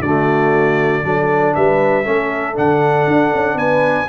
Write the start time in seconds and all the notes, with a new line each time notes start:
0.00 D3 A3 F#4 D5
1.04 F#3 D4 A4
1.54 G3 B4 E5
2.04 A3 C#4 A4
2.54 D3 D4 F#5
3.07 D4
3.34 C#4
3.55 B3 B4 G#5